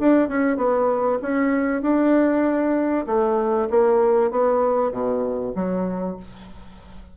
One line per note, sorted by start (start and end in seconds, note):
0.00 0.29 D4
0.29 0.57 C#4
0.57 1.19 B3
1.22 1.82 C#4
1.82 3.06 D4
3.07 3.69 A3
3.70 4.31 A#3
4.31 4.92 B3
4.92 5.54 B2
5.55 6.17 F#3